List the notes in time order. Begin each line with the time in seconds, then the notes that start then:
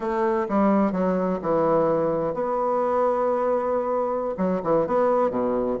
0.00 A3
0.48 G3
0.92 F#3
1.42 E3
2.34 B3
4.37 F#3
4.63 E3
4.86 B3
5.30 B2